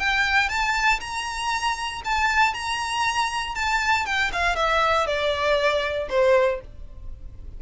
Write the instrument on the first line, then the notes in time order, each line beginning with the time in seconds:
violin
0.00 G5
0.49 A5
1.01 A#5
2.05 A5
2.54 A#5
3.55 A5
4.06 G5
4.33 F5
4.56 E5
5.07 D5
6.10 C5